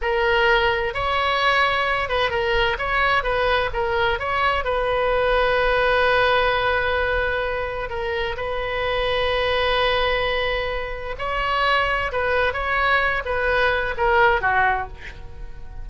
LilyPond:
\new Staff \with { instrumentName = "oboe" } { \time 4/4 \tempo 4 = 129 ais'2 cis''2~ | cis''8 b'8 ais'4 cis''4 b'4 | ais'4 cis''4 b'2~ | b'1~ |
b'4 ais'4 b'2~ | b'1 | cis''2 b'4 cis''4~ | cis''8 b'4. ais'4 fis'4 | }